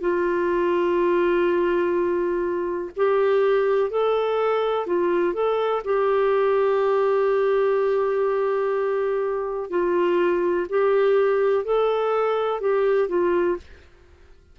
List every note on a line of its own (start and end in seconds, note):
0.00 2.90 F4
2.96 3.90 G4
3.90 4.86 A4
4.86 5.34 F4
5.34 5.82 A4
5.85 9.70 G4
9.70 10.67 F4
10.69 11.65 G4
11.65 12.60 A4
12.60 13.09 G4
13.09 13.57 F4